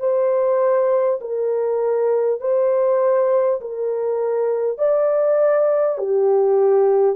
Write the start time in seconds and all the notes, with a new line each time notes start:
0.00 C5
1.21 A#4
2.41 C5
3.62 A#4
4.78 D5
5.98 G4